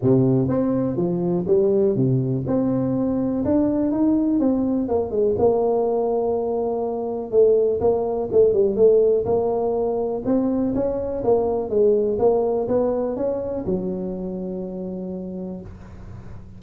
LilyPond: \new Staff \with { instrumentName = "tuba" } { \time 4/4 \tempo 4 = 123 c4 c'4 f4 g4 | c4 c'2 d'4 | dis'4 c'4 ais8 gis8 ais4~ | ais2. a4 |
ais4 a8 g8 a4 ais4~ | ais4 c'4 cis'4 ais4 | gis4 ais4 b4 cis'4 | fis1 | }